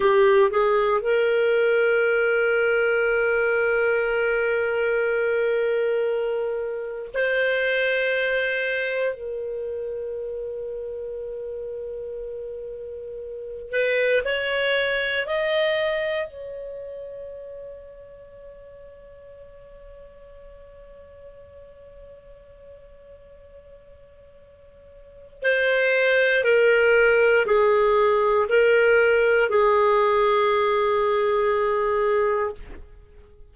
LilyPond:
\new Staff \with { instrumentName = "clarinet" } { \time 4/4 \tempo 4 = 59 g'8 gis'8 ais'2.~ | ais'2. c''4~ | c''4 ais'2.~ | ais'4. b'8 cis''4 dis''4 |
cis''1~ | cis''1~ | cis''4 c''4 ais'4 gis'4 | ais'4 gis'2. | }